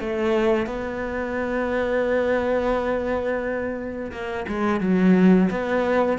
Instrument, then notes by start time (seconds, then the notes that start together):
cello
0.00 A3
0.66 B3
4.11 A#3
4.48 G#3
4.81 F#3
5.50 B3